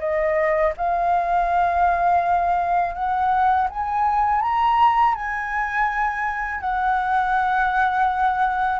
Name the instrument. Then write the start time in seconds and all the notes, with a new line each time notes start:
flute
0.00 D#5
0.77 F5
2.95 F#5
3.70 G#5
4.42 A#5
5.15 G#5
6.61 F#5